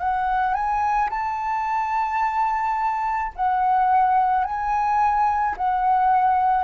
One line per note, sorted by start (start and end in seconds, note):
0.00 0.55 F#5
0.55 1.10 G#5
1.11 3.33 A5
3.36 4.45 F#5
4.45 5.56 G#5
5.58 6.65 F#5